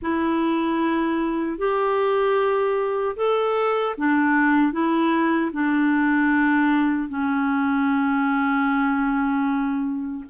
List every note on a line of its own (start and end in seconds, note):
0.01 1.58 E4
1.58 3.16 G4
3.16 3.95 A4
3.97 4.72 D4
4.72 5.51 E4
5.52 7.08 D4
7.08 10.24 C#4